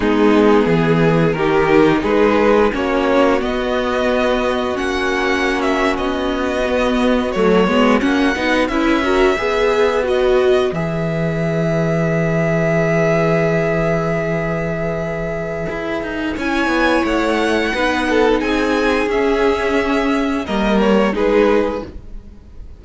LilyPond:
<<
  \new Staff \with { instrumentName = "violin" } { \time 4/4 \tempo 4 = 88 gis'2 ais'4 b'4 | cis''4 dis''2 fis''4~ | fis''16 e''8 dis''2 cis''4 fis''16~ | fis''8. e''2 dis''4 e''16~ |
e''1~ | e''1 | gis''4 fis''2 gis''4 | e''2 dis''8 cis''8 b'4 | }
  \new Staff \with { instrumentName = "violin" } { \time 4/4 dis'4 gis'4 g'4 gis'4 | fis'1~ | fis'1~ | fis'8. b'8 ais'8 b'2~ b'16~ |
b'1~ | b'1 | cis''2 b'8 a'8 gis'4~ | gis'2 ais'4 gis'4 | }
  \new Staff \with { instrumentName = "viola" } { \time 4/4 b2 dis'2 | cis'4 b2 cis'4~ | cis'4.~ cis'16 b4 a8 b8 cis'16~ | cis'16 dis'8 e'8 fis'8 gis'4 fis'4 gis'16~ |
gis'1~ | gis'1 | e'2 dis'2 | cis'2 ais4 dis'4 | }
  \new Staff \with { instrumentName = "cello" } { \time 4/4 gis4 e4 dis4 gis4 | ais4 b2 ais4~ | ais8. b2 fis8 gis8 ais16~ | ais16 b8 cis'4 b2 e16~ |
e1~ | e2. e'8 dis'8 | cis'8 b8 a4 b4 c'4 | cis'2 g4 gis4 | }
>>